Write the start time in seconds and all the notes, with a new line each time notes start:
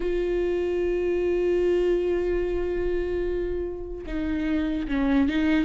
0.00 F4
4.06 D#4
4.88 C#4
5.29 D#4